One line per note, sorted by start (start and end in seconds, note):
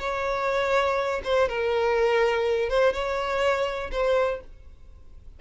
0.00 1.22 C#5
1.25 1.49 C5
1.49 2.70 A#4
2.70 2.94 C5
2.94 3.91 C#5
3.92 4.41 C5